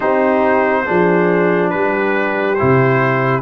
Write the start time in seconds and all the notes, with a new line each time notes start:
0.00 C4 D#4 G4 C5
0.85 F3 D4 G#4
1.70 G3 G4 B4
2.54 E4 C5
2.61 C3